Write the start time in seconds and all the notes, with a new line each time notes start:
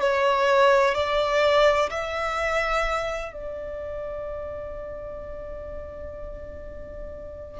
0.00 C#5
0.94 D5
1.90 E5
3.32 D5